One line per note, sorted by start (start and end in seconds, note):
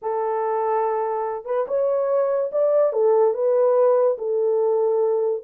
0.02 1.45 A4
1.45 1.66 B4
1.67 2.51 C#5
2.52 2.93 D5
2.93 3.33 A4
3.33 4.17 B4
4.17 5.42 A4